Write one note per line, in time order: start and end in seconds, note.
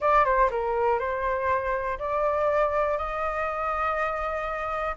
0.00 0.25 D5
0.25 0.49 C5
0.50 0.99 A#4
0.99 1.98 C5
1.99 2.97 D5
2.97 4.95 D#5